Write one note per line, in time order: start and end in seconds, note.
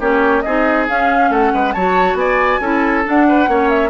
0.00 0.44 A#3
0.00 0.44 C#4
0.00 0.43 G4
0.00 0.42 C#5
0.42 0.89 C4
0.42 0.88 D#4
0.42 1.30 G#4
0.42 0.85 D#5
0.88 1.75 C#4
0.88 1.30 C#4
0.88 1.32 F5
1.30 1.52 A3
1.30 1.52 A4
1.30 1.73 F#5
1.54 1.75 G#3
1.54 1.74 B4
1.73 2.14 F#3
1.73 2.62 F#4
1.73 2.18 C#5
1.73 2.16 A5
2.14 2.58 B3
2.14 2.61 D5
2.14 3.04 G#5
2.61 3.04 C#4
2.61 3.04 E4
2.61 3.26 A4
3.04 3.48 D4
3.04 3.69 F#5
3.28 3.50 B4
3.48 3.90 A#3
3.48 3.90 C#4
3.48 3.90 C#5
3.69 3.90 E5